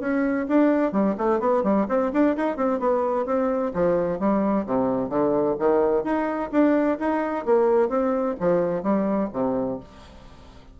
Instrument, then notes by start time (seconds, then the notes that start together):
bassoon
0.00 C#4
0.48 D4
0.92 G3
1.18 A3
1.40 B3
1.63 G3
1.89 C4
2.13 D4
2.37 D#4
2.56 C4
2.79 B3
3.26 C4
3.74 F3
4.19 G3
4.66 C3
5.09 D3
5.59 D#3
6.04 D#4
6.52 D4
7.00 D#4
7.45 A#3
7.89 C4
8.40 F3
8.83 G3
9.33 C3